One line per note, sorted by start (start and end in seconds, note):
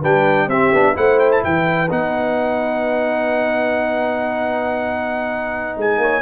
0.00 0.47 G3
0.00 0.50 D4
0.00 0.47 B4
0.00 0.49 G5
0.47 0.70 C4
0.47 0.74 C4
0.47 0.95 G4
0.47 0.96 E5
0.72 0.96 B3
0.72 0.94 D4
0.94 1.43 A3
0.94 1.88 E4
0.94 1.44 C5
0.94 1.19 F#5
1.19 1.31 G5
1.31 1.43 A5
1.43 1.90 E3
1.43 6.01 B4
1.43 1.91 G5
1.90 5.77 B3
1.90 6.21 D#4
1.90 5.78 F#5
5.77 5.97 G#3
5.77 6.21 G#5
5.97 6.21 A#3
5.97 6.21 C#5